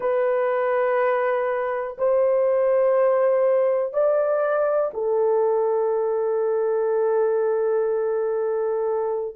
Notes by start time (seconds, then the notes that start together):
0.00 B4
1.98 C5
3.93 D5
4.93 A4